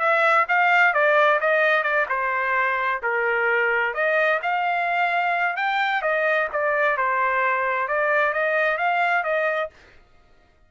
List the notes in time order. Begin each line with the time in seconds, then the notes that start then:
0.00 E5
0.48 F5
0.94 D5
1.41 D#5
1.83 D5
2.09 C5
3.03 A#4
3.94 D#5
4.42 F5
5.57 G5
6.02 D#5
6.52 D5
6.98 C5
7.88 D5
8.33 D#5
8.78 F5
9.24 D#5